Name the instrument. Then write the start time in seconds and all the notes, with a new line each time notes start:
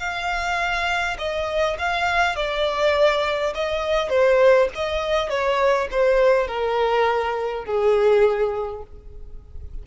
violin
0.00 F5
1.19 D#5
1.79 F5
2.36 D5
3.55 D#5
4.10 C5
4.76 D#5
5.30 C#5
5.92 C5
6.48 A#4
7.66 G#4